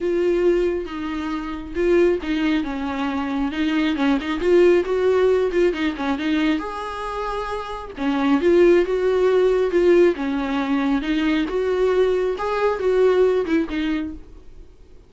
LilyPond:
\new Staff \with { instrumentName = "viola" } { \time 4/4 \tempo 4 = 136 f'2 dis'2 | f'4 dis'4 cis'2 | dis'4 cis'8 dis'8 f'4 fis'4~ | fis'8 f'8 dis'8 cis'8 dis'4 gis'4~ |
gis'2 cis'4 f'4 | fis'2 f'4 cis'4~ | cis'4 dis'4 fis'2 | gis'4 fis'4. e'8 dis'4 | }